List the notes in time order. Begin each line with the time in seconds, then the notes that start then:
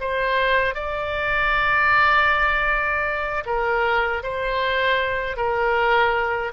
0.00 C5
0.74 D5
3.45 A#4
4.22 C5
5.36 A#4